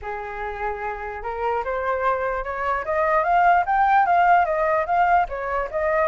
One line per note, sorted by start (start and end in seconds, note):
0.01 1.23 G#4
1.23 1.63 A#4
1.64 2.43 C5
2.43 2.84 C#5
2.84 3.23 D#5
3.23 3.64 F5
3.66 4.06 G5
4.06 4.45 F5
4.45 4.85 D#5
4.86 5.26 F5
5.28 5.69 C#5
5.70 6.08 D#5